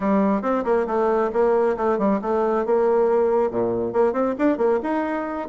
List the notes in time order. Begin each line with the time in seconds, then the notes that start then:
0.00 G3
0.42 C4
0.64 A#3
0.87 A3
1.32 A#3
1.76 A3
1.98 G3
2.21 A3
2.65 A#3
3.51 A#2
3.92 A#3
4.12 C4
4.38 D4
4.57 A#3
4.83 D#4